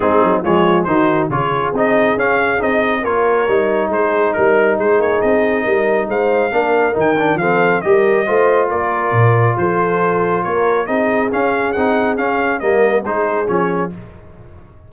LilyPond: <<
  \new Staff \with { instrumentName = "trumpet" } { \time 4/4 \tempo 4 = 138 gis'4 cis''4 c''4 cis''4 | dis''4 f''4 dis''4 cis''4~ | cis''4 c''4 ais'4 c''8 cis''8 | dis''2 f''2 |
g''4 f''4 dis''2 | d''2 c''2 | cis''4 dis''4 f''4 fis''4 | f''4 dis''4 c''4 cis''4 | }
  \new Staff \with { instrumentName = "horn" } { \time 4/4 dis'4 f'4 fis'4 gis'4~ | gis'2. ais'4~ | ais'4 gis'4 ais'4 gis'4~ | gis'4 ais'4 c''4 ais'4~ |
ais'4 a'4 ais'4 c''4 | ais'2 a'2 | ais'4 gis'2.~ | gis'4 ais'4 gis'2 | }
  \new Staff \with { instrumentName = "trombone" } { \time 4/4 c'4 gis4 dis'4 f'4 | dis'4 cis'4 dis'4 f'4 | dis'1~ | dis'2. d'4 |
dis'8 d'8 c'4 g'4 f'4~ | f'1~ | f'4 dis'4 cis'4 dis'4 | cis'4 ais4 dis'4 cis'4 | }
  \new Staff \with { instrumentName = "tuba" } { \time 4/4 gis8 fis8 f4 dis4 cis4 | c'4 cis'4 c'4 ais4 | g4 gis4 g4 gis8 ais8 | c'4 g4 gis4 ais4 |
dis4 f4 g4 a4 | ais4 ais,4 f2 | ais4 c'4 cis'4 c'4 | cis'4 g4 gis4 f4 | }
>>